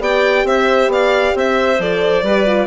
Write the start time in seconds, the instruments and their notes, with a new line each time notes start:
0.00 bassoon B3, horn G4, clarinet D5, violin G5
0.44 bassoon C4, clarinet C5, violin E5
0.88 bassoon B3, clarinet D5, violin F5
1.36 bassoon C4, clarinet C5, violin E5
1.79 bassoon F3, horn A4, violin D5
2.23 bassoon G3, horn G4, clarinet B4
2.47 horn F4